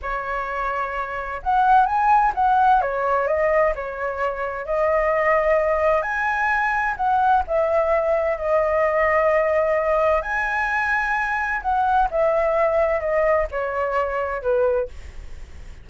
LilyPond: \new Staff \with { instrumentName = "flute" } { \time 4/4 \tempo 4 = 129 cis''2. fis''4 | gis''4 fis''4 cis''4 dis''4 | cis''2 dis''2~ | dis''4 gis''2 fis''4 |
e''2 dis''2~ | dis''2 gis''2~ | gis''4 fis''4 e''2 | dis''4 cis''2 b'4 | }